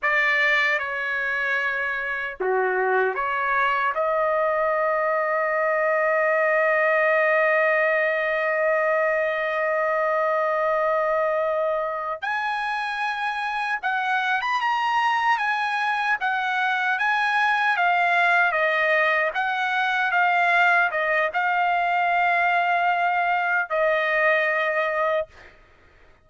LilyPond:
\new Staff \with { instrumentName = "trumpet" } { \time 4/4 \tempo 4 = 76 d''4 cis''2 fis'4 | cis''4 dis''2.~ | dis''1~ | dis''2.~ dis''8 gis''8~ |
gis''4. fis''8. b''16 ais''4 gis''8~ | gis''8 fis''4 gis''4 f''4 dis''8~ | dis''8 fis''4 f''4 dis''8 f''4~ | f''2 dis''2 | }